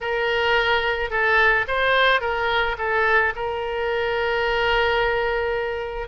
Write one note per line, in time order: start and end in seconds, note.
0.00 1.10 A#4
1.10 1.65 A4
1.67 2.20 C5
2.20 2.76 A#4
2.78 3.33 A4
3.35 6.08 A#4